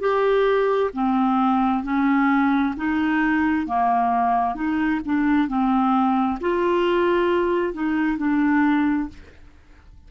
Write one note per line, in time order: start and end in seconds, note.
0.00 0.91 G4
0.94 1.84 C4
1.84 2.75 C#4
2.77 3.67 D#4
3.67 4.55 A#3
4.55 5.01 D#4
5.05 5.48 D4
5.48 6.39 C4
6.41 7.74 F4
7.74 8.18 D#4
8.18 9.09 D4